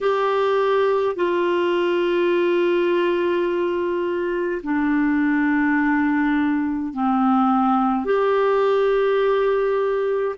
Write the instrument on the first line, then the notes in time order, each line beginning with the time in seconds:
clarinet
0.01 G4
1.15 F4
4.63 D4
6.93 C4
8.05 G4